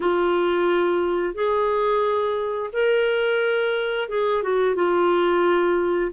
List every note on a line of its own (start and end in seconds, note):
0.00 1.34 F4
1.34 2.70 G#4
2.72 4.08 A#4
4.08 4.42 G#4
4.42 4.75 F#4
4.75 6.11 F4